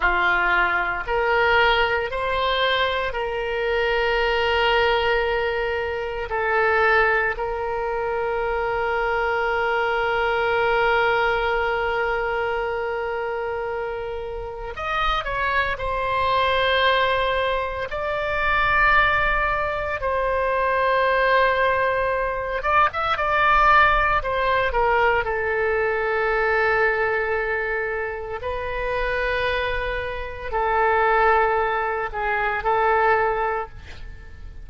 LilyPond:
\new Staff \with { instrumentName = "oboe" } { \time 4/4 \tempo 4 = 57 f'4 ais'4 c''4 ais'4~ | ais'2 a'4 ais'4~ | ais'1~ | ais'2 dis''8 cis''8 c''4~ |
c''4 d''2 c''4~ | c''4. d''16 e''16 d''4 c''8 ais'8 | a'2. b'4~ | b'4 a'4. gis'8 a'4 | }